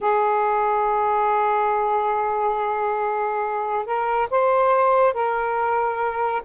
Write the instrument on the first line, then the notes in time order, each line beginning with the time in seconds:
saxophone
0.00 G#4
3.85 A#4
4.30 C5
5.13 A#4